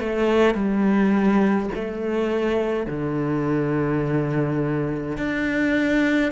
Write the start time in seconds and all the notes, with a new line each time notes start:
0.00 A3
0.55 G3
1.75 A3
2.86 D3
5.17 D4